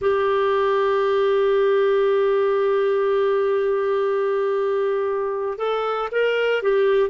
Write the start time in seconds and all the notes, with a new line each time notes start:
0.01 G4
5.57 A4
6.11 A#4
6.62 G4